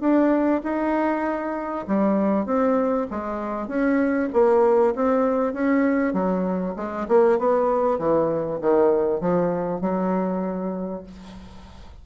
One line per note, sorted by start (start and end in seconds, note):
0.00 0.61 D4
0.63 1.86 D#4
1.87 2.45 G3
2.45 3.07 C4
3.10 3.67 G#3
3.67 4.29 C#4
4.32 4.94 A#3
4.95 5.53 C4
5.53 6.13 C#4
6.13 6.74 F#3
6.76 7.07 G#3
7.08 7.38 A#3
7.38 7.98 B3
7.98 8.60 E3
8.60 9.20 D#3
9.20 9.81 F3
9.81 11.03 F#3